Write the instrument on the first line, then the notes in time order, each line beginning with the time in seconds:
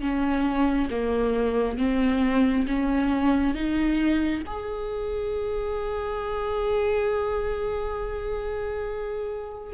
viola
0.00 C#4
0.90 A#3
1.78 C4
2.67 C#4
3.54 D#4
4.46 G#4